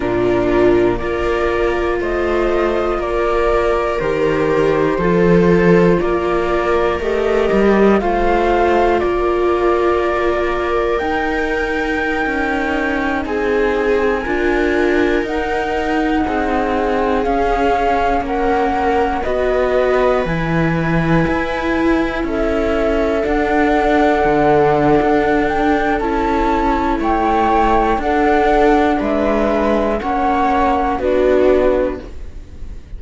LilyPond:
<<
  \new Staff \with { instrumentName = "flute" } { \time 4/4 \tempo 4 = 60 ais'4 d''4 dis''4 d''4 | c''2 d''4 dis''4 | f''4 d''2 g''4~ | g''4~ g''16 gis''2 fis''8.~ |
fis''4~ fis''16 f''4 fis''4 dis''8.~ | dis''16 gis''2 e''4 fis''8.~ | fis''4. g''8 a''4 g''4 | fis''4 e''4 fis''4 b'4 | }
  \new Staff \with { instrumentName = "viola" } { \time 4/4 f'4 ais'4 c''4 ais'4~ | ais'4 a'4 ais'2 | c''4 ais'2.~ | ais'4~ ais'16 gis'4 ais'4.~ ais'16~ |
ais'16 gis'2 ais'4 b'8.~ | b'2~ b'16 a'4.~ a'16~ | a'2. cis''4 | a'4 b'4 cis''4 fis'4 | }
  \new Staff \with { instrumentName = "viola" } { \time 4/4 d'4 f'2. | g'4 f'2 g'4 | f'2. dis'4~ | dis'2~ dis'16 f'4 dis'8.~ |
dis'4~ dis'16 cis'2 fis'8.~ | fis'16 e'2. d'8.~ | d'2 e'2 | d'2 cis'4 d'4 | }
  \new Staff \with { instrumentName = "cello" } { \time 4/4 ais,4 ais4 a4 ais4 | dis4 f4 ais4 a8 g8 | a4 ais2 dis'4~ | dis'16 cis'4 c'4 d'4 dis'8.~ |
dis'16 c'4 cis'4 ais4 b8.~ | b16 e4 e'4 cis'4 d'8.~ | d'16 d8. d'4 cis'4 a4 | d'4 gis4 ais4 b4 | }
>>